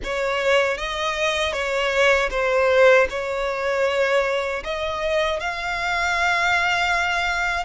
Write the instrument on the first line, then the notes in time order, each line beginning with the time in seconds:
violin
0.03 C#5
0.77 D#5
1.52 C#5
2.30 C5
3.09 C#5
4.64 D#5
5.40 F5